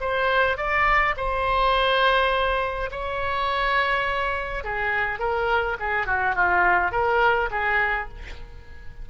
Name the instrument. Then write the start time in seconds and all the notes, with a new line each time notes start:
oboe
0.00 C5
0.57 D5
1.16 C5
2.91 C#5
4.64 G#4
5.19 A#4
5.79 G#4
6.06 F#4
6.35 F4
6.92 A#4
7.51 G#4